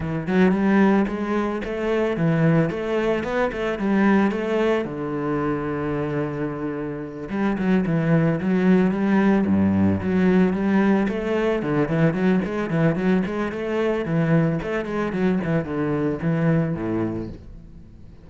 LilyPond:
\new Staff \with { instrumentName = "cello" } { \time 4/4 \tempo 4 = 111 e8 fis8 g4 gis4 a4 | e4 a4 b8 a8 g4 | a4 d2.~ | d4. g8 fis8 e4 fis8~ |
fis8 g4 g,4 fis4 g8~ | g8 a4 d8 e8 fis8 gis8 e8 | fis8 gis8 a4 e4 a8 gis8 | fis8 e8 d4 e4 a,4 | }